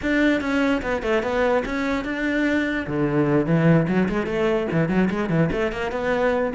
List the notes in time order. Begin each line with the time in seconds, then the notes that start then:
0.02 D4
0.41 C#4
0.82 B3
1.02 A3
1.22 B3
1.65 C#4
2.04 D4
2.86 D3
3.45 E3
3.87 F#3
4.09 G#3
4.26 A3
4.71 E3
4.88 F#3
5.10 G#3
5.29 E3
5.51 A3
5.72 A#3
5.91 B3